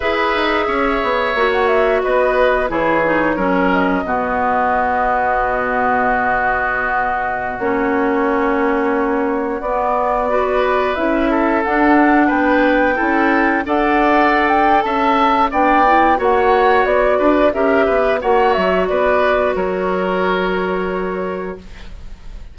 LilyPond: <<
  \new Staff \with { instrumentName = "flute" } { \time 4/4 \tempo 4 = 89 e''2~ e''16 fis''16 e''8 dis''4 | cis''4. dis''2~ dis''8~ | dis''2.~ dis''16 cis''8.~ | cis''2~ cis''16 d''4.~ d''16~ |
d''16 e''4 fis''4 g''4.~ g''16~ | g''16 fis''4~ fis''16 g''8 a''4 g''4 | fis''4 d''4 e''4 fis''8 e''8 | d''4 cis''2. | }
  \new Staff \with { instrumentName = "oboe" } { \time 4/4 b'4 cis''2 b'4 | gis'4 ais'4 fis'2~ | fis'1~ | fis'2.~ fis'16 b'8.~ |
b'8. a'4. b'4 a'8.~ | a'16 d''4.~ d''16 e''4 d''4 | cis''4. b'8 ais'8 b'8 cis''4 | b'4 ais'2. | }
  \new Staff \with { instrumentName = "clarinet" } { \time 4/4 gis'2 fis'2 | e'8 dis'8 cis'4 b2~ | b2.~ b16 cis'8.~ | cis'2~ cis'16 b4 fis'8.~ |
fis'16 e'4 d'2 e'8.~ | e'16 a'2~ a'8. d'8 e'8 | fis'2 g'4 fis'4~ | fis'1 | }
  \new Staff \with { instrumentName = "bassoon" } { \time 4/4 e'8 dis'8 cis'8 b8 ais4 b4 | e4 fis4 b,2~ | b,2.~ b,16 ais8.~ | ais2~ ais16 b4.~ b16~ |
b16 cis'4 d'4 b4 cis'8.~ | cis'16 d'4.~ d'16 cis'4 b4 | ais4 b8 d'8 cis'8 b8 ais8 fis8 | b4 fis2. | }
>>